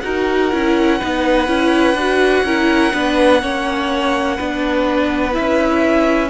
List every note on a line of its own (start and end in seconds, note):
0.00 0.53 D#4
0.00 0.52 F#4
0.00 0.98 A#4
0.00 5.32 F#5
0.52 1.01 C#4
0.52 1.00 E4
0.98 1.48 B3
0.98 1.47 D#4
0.98 2.44 B4
1.47 1.94 C#4
1.47 1.96 E4
1.94 2.43 D4
1.94 2.46 F#4
2.44 2.92 C#4
2.44 2.94 E4
2.44 2.93 A#4
2.93 3.42 B3
2.93 3.42 D4
2.93 3.42 B4
3.42 4.39 A#3
3.42 4.39 C#4
3.42 4.36 C#5
4.36 5.37 B3
4.36 5.32 D4
4.36 6.30 B4
5.32 6.29 E4
5.32 6.30 E5
5.39 6.30 C#4